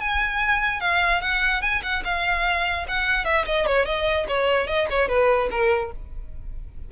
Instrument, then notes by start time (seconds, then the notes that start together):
violin
0.00 G#5
0.80 F5
1.21 F#5
1.61 G#5
1.82 F#5
2.04 F5
2.88 F#5
3.25 E5
3.46 D#5
3.66 C#5
3.85 D#5
4.28 C#5
4.67 D#5
4.90 C#5
5.08 B4
5.50 A#4